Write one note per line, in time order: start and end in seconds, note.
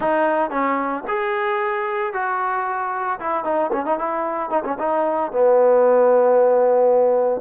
0.00 0.50 D#4
0.50 1.03 C#4
1.08 2.13 G#4
2.13 3.19 F#4
3.19 3.44 E4
3.44 3.70 D#4
3.72 3.85 C#4
3.85 3.98 D#4
3.98 4.50 E4
4.50 4.63 D#4
4.64 4.77 C#4
4.79 5.31 D#4
5.31 7.41 B3